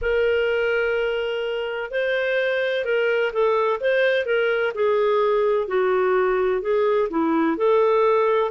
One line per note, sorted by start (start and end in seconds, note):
0.01 1.90 A#4
1.90 2.85 C5
2.85 3.32 A#4
3.32 3.80 A4
3.80 4.25 C5
4.25 4.72 A#4
4.74 5.67 G#4
5.67 6.61 F#4
6.61 7.09 G#4
7.10 7.57 E4
7.57 8.51 A4